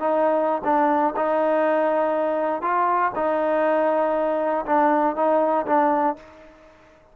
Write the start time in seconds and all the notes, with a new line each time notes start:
0.00 D#4
0.65 D4
1.17 D#4
2.62 F4
3.16 D#4
4.66 D4
5.16 D#4
5.67 D4